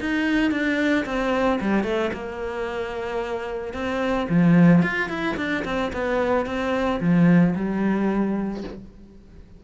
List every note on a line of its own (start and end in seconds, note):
0.00 0.51 D#4
0.51 1.05 D4
1.05 1.59 C4
1.60 1.84 G3
1.84 2.11 A3
2.13 3.73 A#3
3.73 4.28 C4
4.29 4.82 F3
4.82 5.09 F4
5.09 5.36 E4
5.37 5.64 D4
5.65 5.92 C4
5.92 6.46 B3
6.46 7.00 C4
7.00 7.54 F3
7.55 8.63 G3